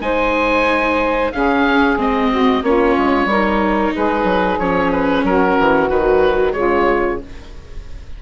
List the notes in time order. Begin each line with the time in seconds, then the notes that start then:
0.00 G#3 D#4 C5 G#5
1.32 C#3 C#4 G#4 F5
1.97 G#3 C4 D#5
2.30 F#4
2.62 A#3 C#4 F4 C#5
2.97 G#3
3.25 G3 A#4
3.31 D#4
3.94 G#3 G#4 B4
4.24 F#3
4.59 F3 C#4 C#5
4.92 B4
5.23 F#3 F#4 A#4
5.59 E3
5.89 D#3 F#3 B4
6.52 C#3 G#3 F4 C#5